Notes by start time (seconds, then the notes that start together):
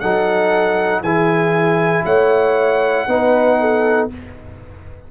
0.00 F#3 D#4 A4 F#5
1.01 E3 E4 G#4 G#5
2.05 A3 C#5 F#5
3.07 B3 D#4 B4
3.60 A4